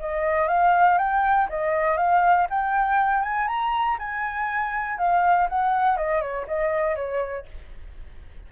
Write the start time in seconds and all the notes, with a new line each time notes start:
0.00 D#5
0.48 F5
0.98 G5
1.50 D#5
1.97 F5
2.50 G5
3.23 G#5
3.48 A#5
3.99 G#5
4.98 F5
5.50 F#5
5.97 D#5
6.21 C#5
6.47 D#5
6.96 C#5